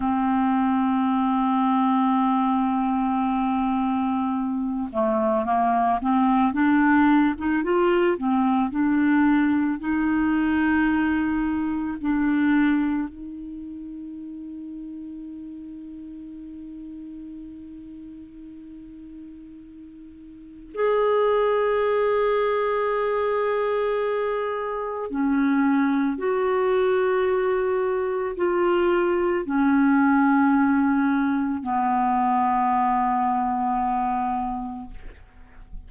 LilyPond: \new Staff \with { instrumentName = "clarinet" } { \time 4/4 \tempo 4 = 55 c'1~ | c'8 a8 ais8 c'8 d'8. dis'16 f'8 c'8 | d'4 dis'2 d'4 | dis'1~ |
dis'2. gis'4~ | gis'2. cis'4 | fis'2 f'4 cis'4~ | cis'4 b2. | }